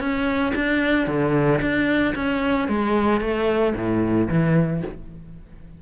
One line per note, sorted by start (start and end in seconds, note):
0.00 0.53 C#4
0.55 1.07 D4
1.07 1.60 D3
1.61 2.14 D4
2.15 2.68 C#4
2.68 3.21 G#3
3.21 3.74 A3
3.76 4.29 A2
4.29 4.82 E3